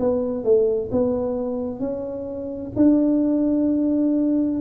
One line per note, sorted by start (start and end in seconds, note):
0.00 0.44 B3
0.44 0.91 A3
0.92 1.80 B3
1.80 2.73 C#4
2.77 4.61 D4